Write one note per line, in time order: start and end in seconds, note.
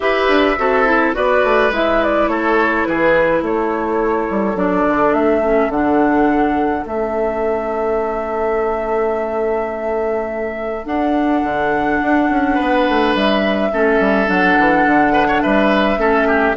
0.00 0.28 E4
0.00 0.57 G4
0.00 0.59 B4
0.00 1.13 E5
0.28 0.57 D4
0.58 1.15 C4
0.58 0.85 F#4
0.58 1.16 A4
0.85 1.13 E4
1.13 1.44 B3
1.13 1.70 F#4
1.13 2.30 B4
1.13 1.72 D5
1.44 1.70 A3
1.70 2.27 G#3
1.70 4.56 E4
1.70 2.03 E5
2.03 2.28 D5
2.27 2.84 A3
2.27 2.87 A4
2.27 2.85 C#5
2.85 3.42 E3
2.85 3.43 G#4
2.85 3.42 B4
3.42 4.27 A3
3.42 12.54 A4
3.42 4.57 C#5
4.29 4.55 G3
4.55 4.84 F#3
4.55 5.42 D4
4.55 5.13 D5
4.87 5.13 D3
5.13 5.69 A3
5.13 5.70 E5
5.42 5.71 C#4
5.69 6.83 D3
5.69 6.86 D4
5.69 6.85 F#5
6.85 10.85 A3
6.85 10.85 C#4
6.85 10.86 E5
10.85 13.70 D4
10.85 11.42 D4
10.85 13.14 F#5
11.43 12.00 D3
12.01 12.29 D4
12.29 12.58 C#4
12.54 12.88 B3
12.54 13.68 B4
12.88 13.15 A3
13.15 13.72 G3
13.15 14.29 E5
13.72 13.99 A3
13.72 14.26 C#4
13.72 15.12 A4
13.99 14.28 G3
14.26 14.57 F#3
14.26 15.97 D4
14.26 15.42 F#5
14.59 14.85 E3
14.85 15.42 D3
15.12 15.27 B4
15.27 15.41 C#5
15.42 15.97 G3
15.42 15.99 B4
15.42 16.56 E5
15.97 16.55 A3
15.97 16.55 C#4
15.97 16.27 A4
16.27 16.56 G4